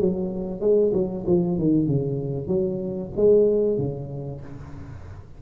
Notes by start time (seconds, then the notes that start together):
0.00 F#3
0.60 G#3
0.93 F#3
1.26 F3
1.58 D#3
1.86 C#3
2.47 F#3
3.16 G#3
3.78 C#3